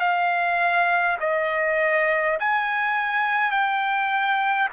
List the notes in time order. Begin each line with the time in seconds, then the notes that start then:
0.00 F5
1.20 D#5
2.40 G#5
3.51 G5